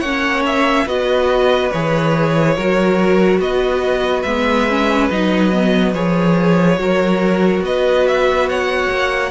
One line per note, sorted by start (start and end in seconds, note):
0.00 0.86 A#3
0.00 0.87 C#4
0.00 0.85 C#5
0.00 0.42 F#5
0.46 0.88 E5
0.86 1.71 B3
0.86 1.71 F#4
0.86 2.55 B4
0.86 1.71 D#5
1.71 2.58 E3
1.71 2.58 G#4
1.71 3.40 C#5
2.56 3.40 F#3
2.56 4.27 F#4
2.56 3.40 A#4
3.40 4.24 B3
3.40 6.80 B4
3.40 4.23 D#5
4.23 5.10 G#3
4.23 4.69 B3
4.23 5.07 E5
4.69 5.11 C#4
5.11 5.95 F#3
5.11 5.52 D#4
5.11 5.94 D#5
5.52 5.94 B3
5.94 6.79 F3
5.94 6.78 G#4
5.94 7.63 C#5
6.78 7.61 F#3
6.78 9.32 F#4
6.78 7.65 A#4
7.61 8.87 B3
7.61 8.49 B4
7.61 8.07 D#5
8.07 8.49 E5
8.49 9.32 C#5
8.49 9.32 F#5
8.90 9.32 A#3